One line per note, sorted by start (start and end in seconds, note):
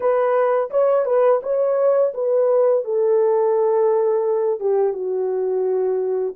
0.00 0.70 B4
0.70 1.05 C#5
1.05 1.40 B4
1.42 2.13 C#5
2.14 2.84 B4
2.84 4.60 A4
4.60 4.93 G4
4.93 6.34 F#4